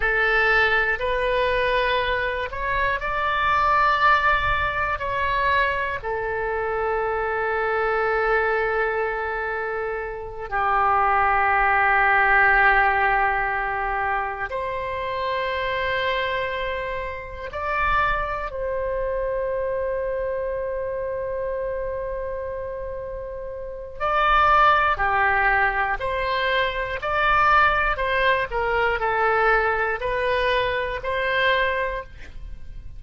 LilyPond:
\new Staff \with { instrumentName = "oboe" } { \time 4/4 \tempo 4 = 60 a'4 b'4. cis''8 d''4~ | d''4 cis''4 a'2~ | a'2~ a'8 g'4.~ | g'2~ g'8 c''4.~ |
c''4. d''4 c''4.~ | c''1 | d''4 g'4 c''4 d''4 | c''8 ais'8 a'4 b'4 c''4 | }